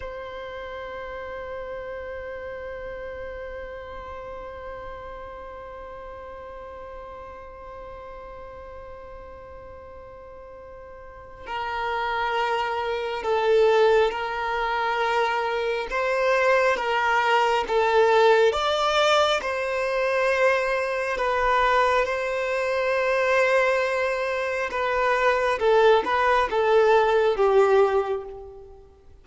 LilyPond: \new Staff \with { instrumentName = "violin" } { \time 4/4 \tempo 4 = 68 c''1~ | c''1~ | c''1~ | c''4 ais'2 a'4 |
ais'2 c''4 ais'4 | a'4 d''4 c''2 | b'4 c''2. | b'4 a'8 b'8 a'4 g'4 | }